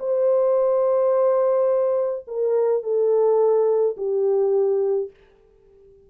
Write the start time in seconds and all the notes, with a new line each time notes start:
0.00 C5
2.28 A#4
2.84 A4
3.98 G4